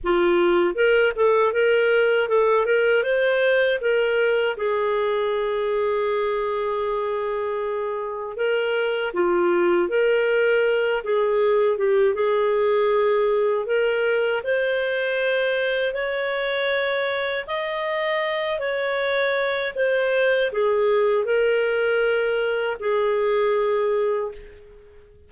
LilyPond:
\new Staff \with { instrumentName = "clarinet" } { \time 4/4 \tempo 4 = 79 f'4 ais'8 a'8 ais'4 a'8 ais'8 | c''4 ais'4 gis'2~ | gis'2. ais'4 | f'4 ais'4. gis'4 g'8 |
gis'2 ais'4 c''4~ | c''4 cis''2 dis''4~ | dis''8 cis''4. c''4 gis'4 | ais'2 gis'2 | }